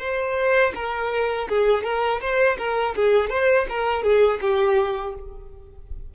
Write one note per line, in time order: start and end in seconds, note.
0.00 0.73 C5
0.75 1.48 A#4
1.49 1.84 G#4
1.84 2.21 A#4
2.21 2.58 C5
2.58 2.95 A#4
2.96 3.30 G#4
3.30 3.67 C5
3.70 4.03 A#4
4.03 4.40 G#4
4.41 5.15 G4